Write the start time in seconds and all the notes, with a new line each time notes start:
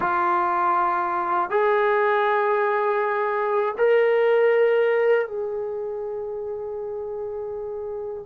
0.00 F4
1.50 G#4
3.77 A#4
5.27 G#4